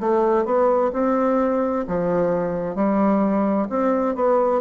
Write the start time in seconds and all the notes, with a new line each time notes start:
0.00 A3
0.45 B3
0.93 C4
1.88 F3
2.76 G3
3.70 C4
4.16 B3